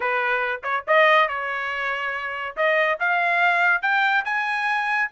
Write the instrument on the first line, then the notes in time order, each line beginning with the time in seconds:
trumpet
0.00 B4
0.63 C#5
0.87 D#5
1.28 C#5
2.56 D#5
2.99 F5
3.81 G5
4.25 G#5